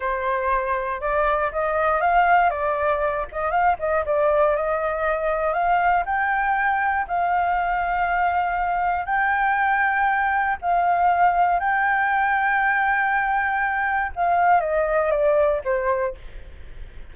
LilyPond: \new Staff \with { instrumentName = "flute" } { \time 4/4 \tempo 4 = 119 c''2 d''4 dis''4 | f''4 d''4. dis''8 f''8 dis''8 | d''4 dis''2 f''4 | g''2 f''2~ |
f''2 g''2~ | g''4 f''2 g''4~ | g''1 | f''4 dis''4 d''4 c''4 | }